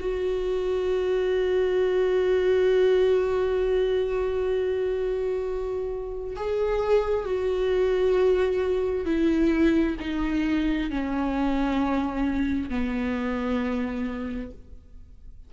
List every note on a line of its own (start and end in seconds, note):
0.00 6.36 F#4
6.36 7.25 G#4
7.25 9.05 F#4
9.05 9.96 E4
10.00 10.90 D#4
10.90 12.69 C#4
12.69 14.51 B3